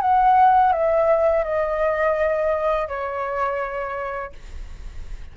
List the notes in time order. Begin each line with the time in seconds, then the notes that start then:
0.00 F#5
0.72 E5
1.44 D#5
2.88 C#5